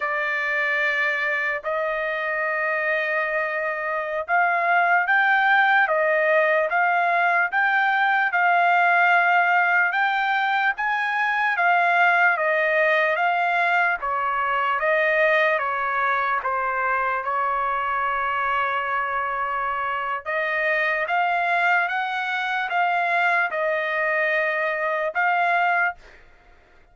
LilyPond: \new Staff \with { instrumentName = "trumpet" } { \time 4/4 \tempo 4 = 74 d''2 dis''2~ | dis''4~ dis''16 f''4 g''4 dis''8.~ | dis''16 f''4 g''4 f''4.~ f''16~ | f''16 g''4 gis''4 f''4 dis''8.~ |
dis''16 f''4 cis''4 dis''4 cis''8.~ | cis''16 c''4 cis''2~ cis''8.~ | cis''4 dis''4 f''4 fis''4 | f''4 dis''2 f''4 | }